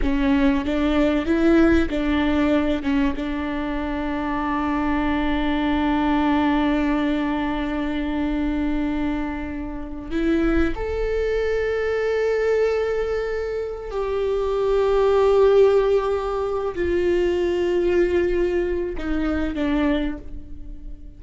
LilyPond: \new Staff \with { instrumentName = "viola" } { \time 4/4 \tempo 4 = 95 cis'4 d'4 e'4 d'4~ | d'8 cis'8 d'2.~ | d'1~ | d'1 |
e'4 a'2.~ | a'2 g'2~ | g'2~ g'8 f'4.~ | f'2 dis'4 d'4 | }